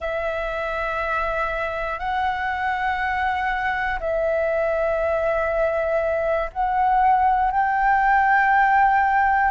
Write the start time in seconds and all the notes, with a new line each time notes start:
0.00 E5
1.99 F#5
4.00 E5
6.52 F#5
7.51 G5